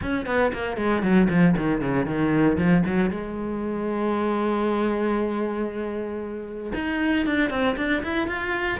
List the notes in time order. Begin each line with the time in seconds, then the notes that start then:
0.01 C#4
0.26 B3
0.53 A#3
0.76 G#3
1.02 F#3
1.29 F3
1.57 D#3
1.81 C#3
2.05 D#3
2.57 F3
2.85 F#3
3.10 G#3
6.74 D#4
7.26 D4
7.50 C4
7.76 D4
8.03 E4
8.27 F4